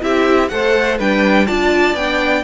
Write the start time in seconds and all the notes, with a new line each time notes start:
0.00 C4 E4 G4 E5
0.48 A3 A4 C5 F#5
0.98 G3 D4 B4 G5
1.46 D4 F4 D5 A5
1.93 B3 D4 G5